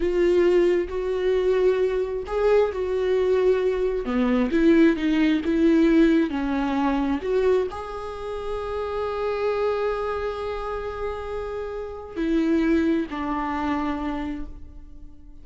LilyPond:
\new Staff \with { instrumentName = "viola" } { \time 4/4 \tempo 4 = 133 f'2 fis'2~ | fis'4 gis'4 fis'2~ | fis'4 b4 e'4 dis'4 | e'2 cis'2 |
fis'4 gis'2.~ | gis'1~ | gis'2. e'4~ | e'4 d'2. | }